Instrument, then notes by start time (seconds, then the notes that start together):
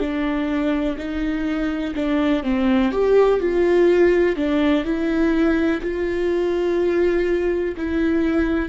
viola
0.00 D4
0.98 D#4
1.95 D4
2.43 C4
2.92 G4
3.40 F4
4.36 D4
4.85 E4
5.82 F4
7.77 E4